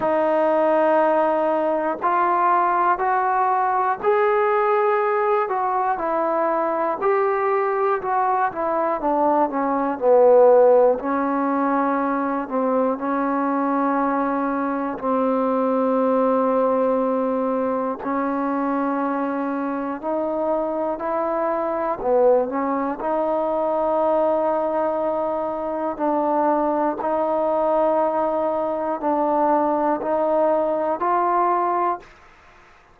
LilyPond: \new Staff \with { instrumentName = "trombone" } { \time 4/4 \tempo 4 = 60 dis'2 f'4 fis'4 | gis'4. fis'8 e'4 g'4 | fis'8 e'8 d'8 cis'8 b4 cis'4~ | cis'8 c'8 cis'2 c'4~ |
c'2 cis'2 | dis'4 e'4 b8 cis'8 dis'4~ | dis'2 d'4 dis'4~ | dis'4 d'4 dis'4 f'4 | }